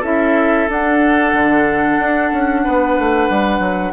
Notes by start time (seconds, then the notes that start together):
0.00 C#4 E4 A4 E5
0.68 D4 F#5
1.33 D3
1.98 D4
2.32 C#4
2.64 B3 B4
2.99 A3
3.30 G3
3.59 F#3